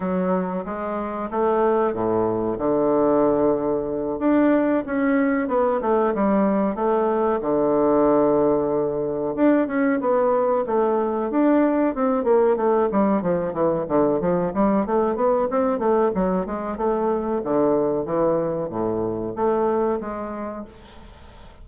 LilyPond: \new Staff \with { instrumentName = "bassoon" } { \time 4/4 \tempo 4 = 93 fis4 gis4 a4 a,4 | d2~ d8 d'4 cis'8~ | cis'8 b8 a8 g4 a4 d8~ | d2~ d8 d'8 cis'8 b8~ |
b8 a4 d'4 c'8 ais8 a8 | g8 f8 e8 d8 f8 g8 a8 b8 | c'8 a8 fis8 gis8 a4 d4 | e4 a,4 a4 gis4 | }